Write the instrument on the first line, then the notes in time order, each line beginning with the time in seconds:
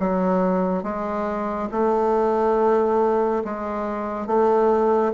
bassoon
0.00 F#3
0.83 G#3
1.72 A3
3.45 G#3
4.27 A3